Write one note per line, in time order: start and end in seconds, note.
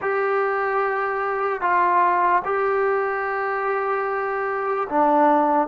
0.01 1.61 G4
1.61 2.42 F4
2.44 4.88 G4
4.89 5.68 D4